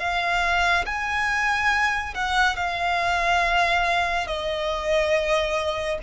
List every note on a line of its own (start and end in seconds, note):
0.00 0.86 F5
0.86 2.15 G#5
2.15 2.57 F#5
2.57 4.27 F5
4.27 5.99 D#5